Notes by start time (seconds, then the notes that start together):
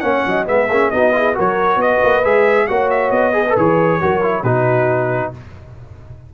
0.00 A#3 C#4 C#5 F#5
0.26 F#3 D#5
0.45 G#3 B3 G#4 E5
0.69 A#3 C#4
0.91 B3 D#4 F#4 D#5
1.12 E4 G#4
1.34 F#3 F#4 A#4 C#5
1.76 B3 B4 D#5
2.03 A#3
2.24 G#3 G#4 E5
2.67 A#3 F#4 C#5 F#5
2.90 E5
3.10 B3 D#5
3.33 G#4 B4
3.49 A4
3.56 E3 G#4 C#5
4.01 F#3 F#4 A#4
4.22 E4
4.43 B2 D#4 F#4 B4